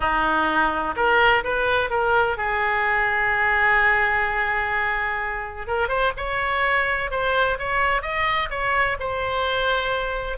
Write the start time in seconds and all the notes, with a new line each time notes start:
0.00 D#4
0.96 A#4
1.43 B4
1.90 A#4
2.37 G#4
5.67 A#4
5.88 C5
6.17 C#5
7.10 C5
7.58 C#5
8.02 D#5
8.49 C#5
8.99 C5